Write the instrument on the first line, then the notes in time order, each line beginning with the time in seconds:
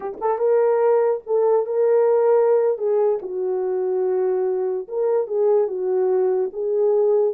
horn
0.00 G4
0.21 A4
0.38 A#4
1.26 A4
1.66 A#4
2.77 G#4
3.22 F#4
4.88 A#4
5.27 G#4
5.67 F#4
6.53 G#4